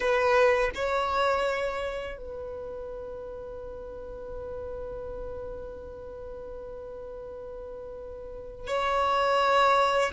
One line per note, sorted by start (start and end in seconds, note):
0.00 0.70 B4
0.74 2.17 C#5
2.17 8.67 B4
8.67 10.11 C#5